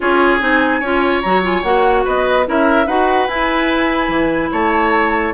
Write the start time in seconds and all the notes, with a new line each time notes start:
0.00 C#4 F4 G#4 C#5
0.40 C4 D#4 G#5
0.79 C#4 F4 C#5
1.21 F#3 F#4 A#5
1.43 F4 G#5
1.63 A#3 F#4 F#5
2.04 B3 B4 D#5
2.45 C#4 E4 A#4 E5
2.86 D#4 F#4 B4 F#5
3.27 E4 G#5
4.08 E3
4.51 A3 C#5 A5